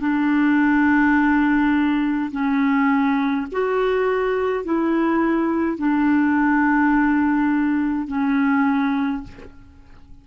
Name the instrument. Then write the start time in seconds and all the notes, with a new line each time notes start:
clarinet
0.00 D4
2.31 C#4
3.52 F#4
4.64 E4
5.78 D4
8.08 C#4